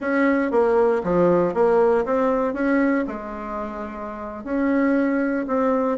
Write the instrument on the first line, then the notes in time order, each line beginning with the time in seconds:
bassoon
0.00 C#4
0.51 A#3
1.03 F3
1.54 A#3
2.05 C4
2.53 C#4
3.07 G#3
4.44 C#4
5.47 C4